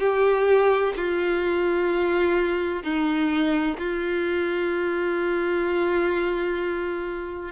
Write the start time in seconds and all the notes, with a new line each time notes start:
0.00 G4
0.97 F4
2.84 D#4
3.78 F4